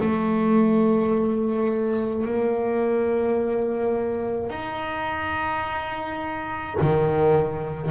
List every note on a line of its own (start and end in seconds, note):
0.00 2.25 A3
2.25 4.50 A#3
4.50 6.77 D#4
6.81 7.91 D#3